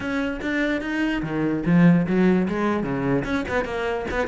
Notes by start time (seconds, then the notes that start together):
0.00 C#4
0.41 D4
0.81 D#4
1.22 D#3
1.65 F3
2.06 F#3
2.47 G#3
2.83 C#3
3.24 C#4
3.48 B3
3.64 A#3
4.11 B3